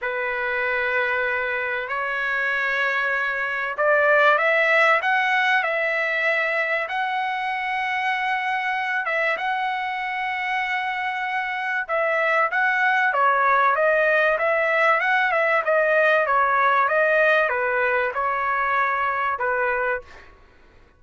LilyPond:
\new Staff \with { instrumentName = "trumpet" } { \time 4/4 \tempo 4 = 96 b'2. cis''4~ | cis''2 d''4 e''4 | fis''4 e''2 fis''4~ | fis''2~ fis''8 e''8 fis''4~ |
fis''2. e''4 | fis''4 cis''4 dis''4 e''4 | fis''8 e''8 dis''4 cis''4 dis''4 | b'4 cis''2 b'4 | }